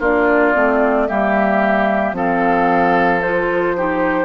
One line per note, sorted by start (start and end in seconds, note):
0.00 0.54 A#3
0.00 0.54 D4
0.00 1.07 F4
0.00 1.08 D5
0.54 1.09 A3
0.54 1.08 C4
1.08 2.13 G3
1.08 2.14 A#3
1.08 2.16 G4
1.08 2.15 E5
2.13 4.25 F3
2.13 3.21 C4
2.13 3.77 A4
2.13 3.22 F5
3.22 3.77 F4
3.22 4.25 C5
3.77 4.25 D#4
3.77 4.25 G4